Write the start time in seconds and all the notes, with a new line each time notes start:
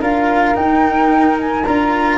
0.00 D4 F4 A#4 F5
0.54 D#4 G5
1.40 G#5
1.65 D4 F4 A#5